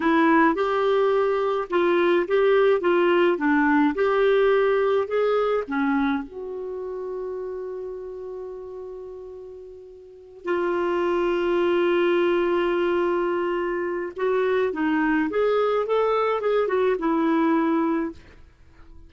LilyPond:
\new Staff \with { instrumentName = "clarinet" } { \time 4/4 \tempo 4 = 106 e'4 g'2 f'4 | g'4 f'4 d'4 g'4~ | g'4 gis'4 cis'4 fis'4~ | fis'1~ |
fis'2~ fis'8 f'4.~ | f'1~ | f'4 fis'4 dis'4 gis'4 | a'4 gis'8 fis'8 e'2 | }